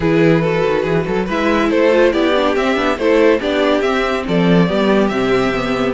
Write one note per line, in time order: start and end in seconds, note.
0.00 0.63 E3
0.00 0.43 E4
0.00 0.41 G#4
0.00 1.28 B4
0.41 1.28 F#4
0.41 0.82 A4
0.66 0.85 D#3
0.82 1.06 E3
0.82 1.04 G#4
1.06 1.28 F#3
1.06 1.26 A4
1.26 1.71 G#3
1.26 1.91 E4
1.26 1.68 B4
1.26 1.70 E5
1.70 2.13 A3
1.70 2.12 A4
1.70 2.12 C5
1.91 2.12 F4
2.12 2.55 B3
2.12 2.33 E4
2.12 2.97 G4
2.12 2.55 D5
2.35 2.57 D4
2.56 2.76 C4
2.56 2.75 C4
2.56 2.98 E5
2.75 2.97 B3
2.75 2.96 D4
2.97 3.39 A3
2.97 3.40 E4
2.97 3.39 A4
2.97 3.40 C5
3.39 3.81 B3
3.39 3.82 D4
3.39 4.24 G4
3.39 3.81 D5
3.81 4.24 C4
3.81 4.66 C4
3.81 4.23 E5
4.27 4.70 F3
4.27 4.68 A4
4.27 5.07 D5
4.66 5.11 G3
4.66 5.09 B3
4.66 5.94 G4
5.07 5.94 C3
5.07 5.53 C4
5.07 5.92 E5
5.55 5.94 B3